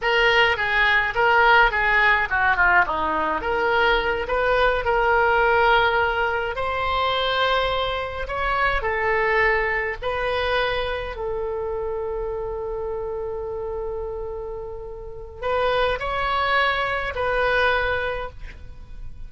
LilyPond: \new Staff \with { instrumentName = "oboe" } { \time 4/4 \tempo 4 = 105 ais'4 gis'4 ais'4 gis'4 | fis'8 f'8 dis'4 ais'4. b'8~ | b'8 ais'2. c''8~ | c''2~ c''8 cis''4 a'8~ |
a'4. b'2 a'8~ | a'1~ | a'2. b'4 | cis''2 b'2 | }